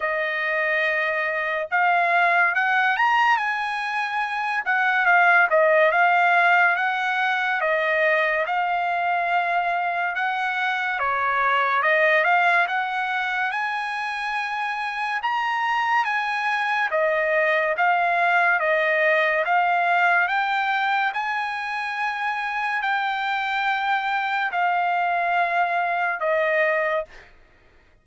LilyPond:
\new Staff \with { instrumentName = "trumpet" } { \time 4/4 \tempo 4 = 71 dis''2 f''4 fis''8 ais''8 | gis''4. fis''8 f''8 dis''8 f''4 | fis''4 dis''4 f''2 | fis''4 cis''4 dis''8 f''8 fis''4 |
gis''2 ais''4 gis''4 | dis''4 f''4 dis''4 f''4 | g''4 gis''2 g''4~ | g''4 f''2 dis''4 | }